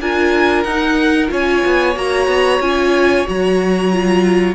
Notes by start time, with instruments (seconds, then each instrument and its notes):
0.00 cello D4, viola F4, violin A#4 G#5
0.63 cello D#4, viola D#4, violin F#5
1.28 cello C#4, viola F4, violin C#5 G#5
1.65 cello B3
1.96 cello A#3, viola F#4, violin A#5
2.27 cello B3
2.60 cello C#4, viola F4, violin G#5
3.26 cello F#3, viola F#4, violin A#5
3.92 viola F4